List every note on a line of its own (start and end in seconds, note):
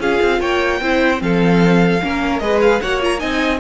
0.00 0.20 C#4
0.00 0.82 F4
0.00 0.40 G#4
0.00 0.41 F5
0.22 0.41 C4
0.40 0.81 A#3
0.40 0.80 C#5
0.40 1.21 G5
0.81 1.21 C4
0.81 1.19 E4
0.81 1.23 C5
1.19 2.01 F3
1.19 1.99 C4
1.19 2.03 A4
1.19 2.39 F5
2.03 2.41 A#3
2.03 2.41 C#4
2.03 2.43 A#4
2.39 2.81 G#3
2.39 2.81 G#4
2.39 2.82 B4
2.39 2.59 D#5
2.62 2.81 F5
2.81 3.22 A#3
2.81 3.01 F#4
2.81 3.20 C#5
2.81 3.01 F#5
3.01 3.19 F4
3.01 3.19 A#5
3.19 3.60 C4
3.19 3.59 D#4
3.19 3.60 D#5
3.19 3.59 G#5